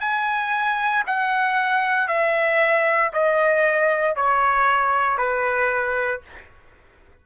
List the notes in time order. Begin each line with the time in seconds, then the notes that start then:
0.00 G#5
1.06 F#5
2.07 E5
3.13 D#5
4.16 C#5
5.17 B4